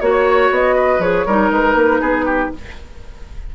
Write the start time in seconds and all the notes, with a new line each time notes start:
0.00 A#3 F#4 C#5
0.50 B3 D#5
0.76 B4
0.99 F3 G#4 C#5
1.26 G3 D#4 A#4
1.51 G#3 B4
1.75 A#3
2.00 B3 G#4
2.25 G4